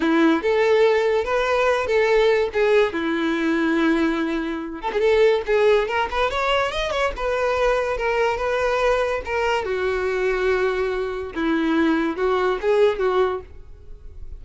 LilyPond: \new Staff \with { instrumentName = "violin" } { \time 4/4 \tempo 4 = 143 e'4 a'2 b'4~ | b'8 a'4. gis'4 e'4~ | e'2.~ e'8 a'16 gis'16 | a'4 gis'4 ais'8 b'8 cis''4 |
dis''8 cis''8 b'2 ais'4 | b'2 ais'4 fis'4~ | fis'2. e'4~ | e'4 fis'4 gis'4 fis'4 | }